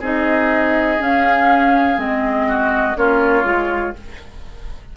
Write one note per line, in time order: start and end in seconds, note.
0.00 0.98 C4
0.00 0.99 D#4
0.00 2.46 G#4
0.00 1.01 D#5
0.99 1.96 C#4
0.99 1.97 C#4
0.99 1.99 F5
1.96 2.95 G#3
1.96 2.94 C4
1.96 2.97 D#5
2.48 2.97 F#4
2.96 3.44 A#3
2.96 3.44 C#4
2.96 3.96 F4
2.96 3.95 C#5
3.44 3.93 G#3
3.44 3.93 F4